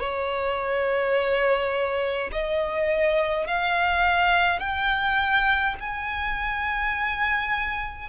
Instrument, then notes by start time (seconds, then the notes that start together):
violin
0.00 C#5
2.32 D#5
3.48 F5
4.60 G5
5.81 G#5